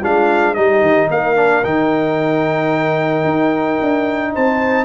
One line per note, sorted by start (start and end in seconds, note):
0.00 0.56 G#3
0.00 0.55 D4
0.00 0.54 F4
0.00 0.54 F5
0.54 0.81 G3
0.54 1.36 D#4
0.54 1.09 G4
0.54 1.08 D#5
0.81 1.08 D#3
1.09 1.64 A#3
1.09 4.33 A#4
1.09 1.64 F5
1.36 1.63 D4
1.64 3.24 D#3
1.64 4.84 D#4
1.64 4.34 G5
3.24 3.78 D#4
3.81 4.35 D4
4.33 4.84 C4
4.33 4.84 C5
4.33 4.84 A5